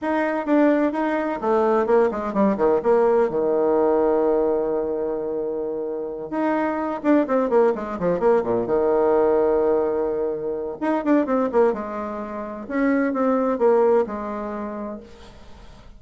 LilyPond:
\new Staff \with { instrumentName = "bassoon" } { \time 4/4 \tempo 4 = 128 dis'4 d'4 dis'4 a4 | ais8 gis8 g8 dis8 ais4 dis4~ | dis1~ | dis4. dis'4. d'8 c'8 |
ais8 gis8 f8 ais8 ais,8 dis4.~ | dis2. dis'8 d'8 | c'8 ais8 gis2 cis'4 | c'4 ais4 gis2 | }